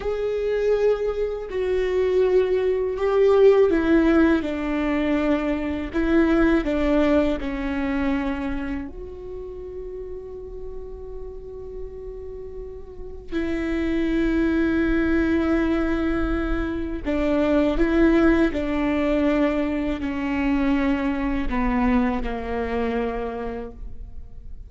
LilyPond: \new Staff \with { instrumentName = "viola" } { \time 4/4 \tempo 4 = 81 gis'2 fis'2 | g'4 e'4 d'2 | e'4 d'4 cis'2 | fis'1~ |
fis'2 e'2~ | e'2. d'4 | e'4 d'2 cis'4~ | cis'4 b4 ais2 | }